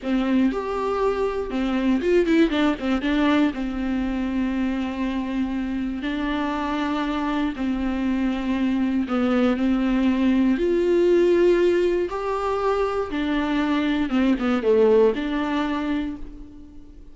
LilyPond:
\new Staff \with { instrumentName = "viola" } { \time 4/4 \tempo 4 = 119 c'4 g'2 c'4 | f'8 e'8 d'8 c'8 d'4 c'4~ | c'1 | d'2. c'4~ |
c'2 b4 c'4~ | c'4 f'2. | g'2 d'2 | c'8 b8 a4 d'2 | }